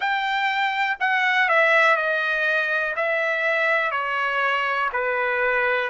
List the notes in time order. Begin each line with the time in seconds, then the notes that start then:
0.00 G5
1.00 F#5
1.48 E5
1.96 D#5
2.96 E5
3.91 C#5
4.92 B4